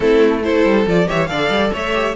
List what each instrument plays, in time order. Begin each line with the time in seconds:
0.00 cello A3, viola C4, violin E4 A4
0.43 viola E4, violin A4 C5
0.64 cello G3
0.86 cello F3, viola F4, violin D5
1.06 cello E3, viola G4, violin C#5 E5
1.27 cello D3, viola A4, violin D5 F5
1.49 cello G3
1.72 cello A3, violin C#5 E5
1.93 viola G4